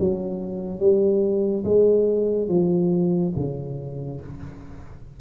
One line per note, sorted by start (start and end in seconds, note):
0.00 0.80 F#3
0.80 1.64 G3
1.65 2.49 G#3
2.49 3.33 F3
3.36 4.21 C#3